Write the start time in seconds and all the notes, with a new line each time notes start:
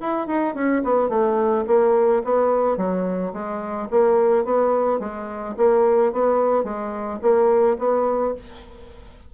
0.00 E4
0.27 D#4
0.55 C#4
0.84 B3
1.09 A3
1.67 A#3
2.24 B3
2.77 F#3
3.33 G#3
3.90 A#3
4.44 B3
4.99 G#3
5.57 A#3
6.12 B3
6.64 G#3
7.21 A#3
7.79 B3